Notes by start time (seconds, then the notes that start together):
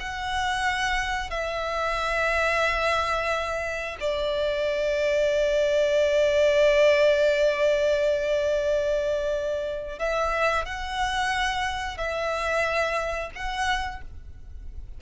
0.00 F#5
1.31 E5
4.01 D5
9.99 E5
10.66 F#5
11.98 E5
13.35 F#5